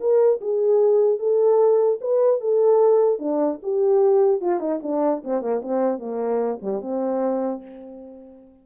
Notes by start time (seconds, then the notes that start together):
0.00 A#4
0.41 G#4
1.19 A4
2.01 B4
2.41 A4
3.19 D4
3.63 G4
4.41 F4
4.60 D#4
4.83 D4
5.24 C4
5.41 A#3
5.62 C4
5.99 A#3
6.62 G3
6.81 C4